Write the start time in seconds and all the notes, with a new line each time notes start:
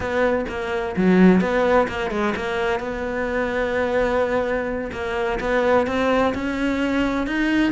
0.00 B3
0.48 A#3
0.96 F#3
1.40 B3
1.88 A#3
2.10 G#3
2.35 A#3
2.79 B3
4.92 A#3
5.39 B3
5.86 C4
6.34 C#4
7.26 D#4